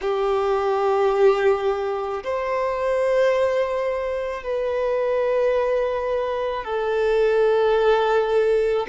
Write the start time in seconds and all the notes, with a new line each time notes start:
0.01 G4
2.23 C5
4.43 B4
6.64 A4